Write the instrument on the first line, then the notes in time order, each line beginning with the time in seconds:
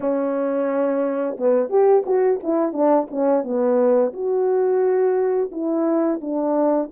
horn
0.00 C#4
1.37 B3
1.69 G4
2.06 F#4
2.43 E4
2.72 D4
3.10 C#4
3.43 B3
4.13 F#4
5.51 E4
6.21 D4